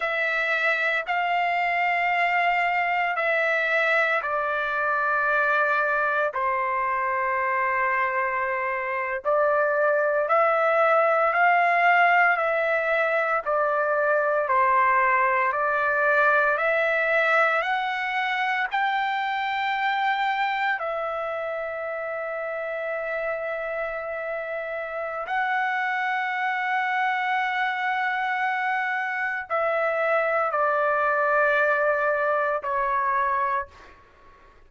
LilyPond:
\new Staff \with { instrumentName = "trumpet" } { \time 4/4 \tempo 4 = 57 e''4 f''2 e''4 | d''2 c''2~ | c''8. d''4 e''4 f''4 e''16~ | e''8. d''4 c''4 d''4 e''16~ |
e''8. fis''4 g''2 e''16~ | e''1 | fis''1 | e''4 d''2 cis''4 | }